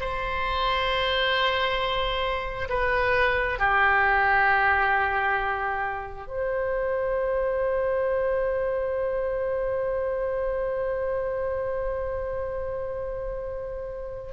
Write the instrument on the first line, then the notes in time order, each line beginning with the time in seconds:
oboe
0.00 C5
2.69 B4
3.59 G4
6.28 C5